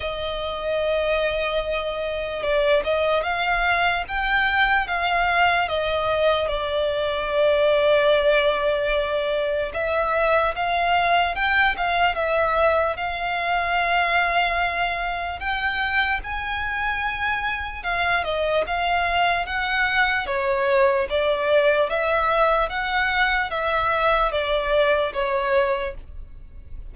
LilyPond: \new Staff \with { instrumentName = "violin" } { \time 4/4 \tempo 4 = 74 dis''2. d''8 dis''8 | f''4 g''4 f''4 dis''4 | d''1 | e''4 f''4 g''8 f''8 e''4 |
f''2. g''4 | gis''2 f''8 dis''8 f''4 | fis''4 cis''4 d''4 e''4 | fis''4 e''4 d''4 cis''4 | }